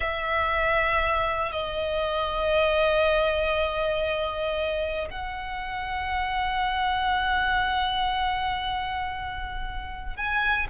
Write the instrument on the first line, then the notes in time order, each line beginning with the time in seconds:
violin
0.00 E5
1.52 D#5
5.10 F#5
10.16 G#5